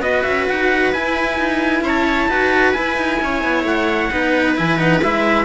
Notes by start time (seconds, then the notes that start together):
0.00 B3 F#4 B4 D#5
0.23 C#4 E5
0.49 D#4 F#5
0.93 E4 G#5
1.38 D#4
1.82 C#4 C#5 A5
2.28 D#4 F#4 B4
2.73 E4 G#5
2.97 D#4
3.22 C#4 C#5
3.44 B3
3.64 A3 F#5
4.12 B3 D#4 B4
4.56 E3 E4 G#5
4.78 D#4 F#5
5.03 G#3 E4 E5